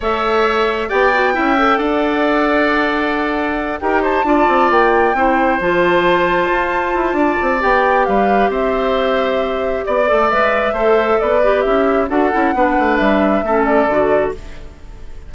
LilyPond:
<<
  \new Staff \with { instrumentName = "flute" } { \time 4/4 \tempo 4 = 134 e''2 g''2 | fis''1~ | fis''8 g''8 a''4. g''4.~ | g''8 a''2.~ a''8~ |
a''4 g''4 f''4 e''4~ | e''2 d''4 e''4~ | e''4 d''4 e''4 fis''4~ | fis''4 e''4. d''4. | }
  \new Staff \with { instrumentName = "oboe" } { \time 4/4 cis''2 d''4 e''4 | d''1~ | d''8 ais'8 c''8 d''2 c''8~ | c''1 |
d''2 b'4 c''4~ | c''2 d''2 | c''4 b'4 e'4 a'4 | b'2 a'2 | }
  \new Staff \with { instrumentName = "clarinet" } { \time 4/4 a'2 g'8 fis'8 e'8 a'8~ | a'1~ | a'8 g'4 f'2 e'8~ | e'8 f'2.~ f'8~ |
f'4 g'2.~ | g'2~ g'8 a'8 b'4 | a'4. g'4. fis'8 e'8 | d'2 cis'4 fis'4 | }
  \new Staff \with { instrumentName = "bassoon" } { \time 4/4 a2 b4 cis'4 | d'1~ | d'8 dis'4 d'8 c'8 ais4 c'8~ | c'8 f2 f'4 e'8 |
d'8 c'8 b4 g4 c'4~ | c'2 b8 a8 gis4 | a4 b4 cis'4 d'8 cis'8 | b8 a8 g4 a4 d4 | }
>>